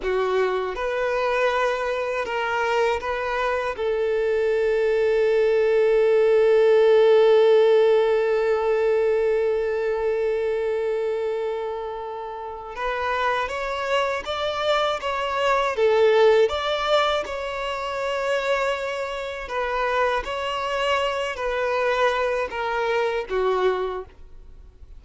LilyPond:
\new Staff \with { instrumentName = "violin" } { \time 4/4 \tempo 4 = 80 fis'4 b'2 ais'4 | b'4 a'2.~ | a'1~ | a'1~ |
a'4 b'4 cis''4 d''4 | cis''4 a'4 d''4 cis''4~ | cis''2 b'4 cis''4~ | cis''8 b'4. ais'4 fis'4 | }